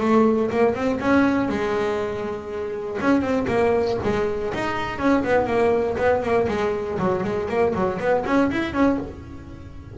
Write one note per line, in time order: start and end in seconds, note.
0.00 0.50 A3
0.50 0.74 A#3
0.74 0.99 C4
1.00 1.48 C#4
1.48 2.98 G#3
3.01 3.21 C#4
3.21 3.46 C4
3.47 3.97 A#3
4.03 4.53 G#3
4.54 4.98 D#4
4.98 5.23 C#4
5.23 5.46 B3
5.46 5.96 A#3
5.97 6.22 B3
6.22 6.47 A#3
6.48 6.98 G#3
6.98 7.23 F#3
7.24 7.48 G#3
7.48 7.73 A#3
7.74 7.99 F#3
7.99 8.24 B3
8.25 8.50 C#4
8.51 8.73 E4
8.73 8.98 C#4